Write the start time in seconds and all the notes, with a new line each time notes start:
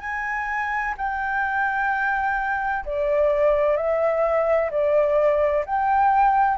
0.00 G#5
0.97 G5
2.85 D5
3.76 E5
4.70 D5
5.65 G5